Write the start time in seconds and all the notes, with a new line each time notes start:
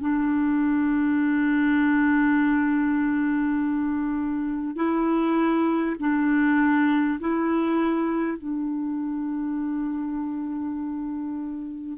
0.00 D4
4.76 E4
5.99 D4
7.20 E4
8.38 D4